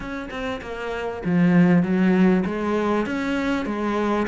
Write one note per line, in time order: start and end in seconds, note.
0.00 0.29 C#4
0.30 0.61 C4
0.61 1.22 A#3
1.24 1.82 F3
1.82 2.44 F#3
2.45 3.06 G#3
3.06 3.65 C#4
3.65 4.27 G#3